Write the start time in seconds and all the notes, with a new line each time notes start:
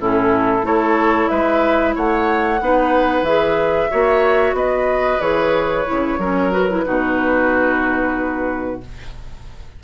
0.00 A2 C#4 E4 A4
0.62 A3 E4 A4 C#5
1.28 G#3 B4 E5
1.95 A3 C#5 F#5
2.61 B3 D#4 B4
3.22 E3 G#4 E5
3.91 A#3 F#4 C#5
4.53 B3 B4 D#5
5.20 E3 G#4 C#5
5.86 C#3 E4
6.18 F#3 C#4 A#4
6.52 F#4 B4
6.70 E4
6.85 B2 D#4 F#4